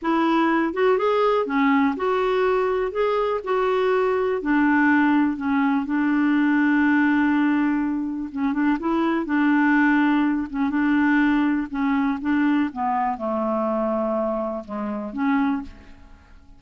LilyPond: \new Staff \with { instrumentName = "clarinet" } { \time 4/4 \tempo 4 = 123 e'4. fis'8 gis'4 cis'4 | fis'2 gis'4 fis'4~ | fis'4 d'2 cis'4 | d'1~ |
d'4 cis'8 d'8 e'4 d'4~ | d'4. cis'8 d'2 | cis'4 d'4 b4 a4~ | a2 gis4 cis'4 | }